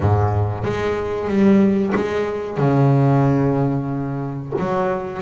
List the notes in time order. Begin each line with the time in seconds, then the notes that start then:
0.00 G#2
0.63 G#3
1.27 G3
1.95 G#3
2.57 C#3
4.59 F#3